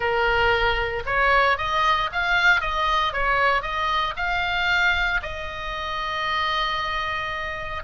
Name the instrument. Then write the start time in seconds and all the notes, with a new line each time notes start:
oboe
0.00 A#4
1.06 C#5
1.57 D#5
2.12 F5
2.60 D#5
3.12 C#5
3.61 D#5
4.16 F5
5.22 D#5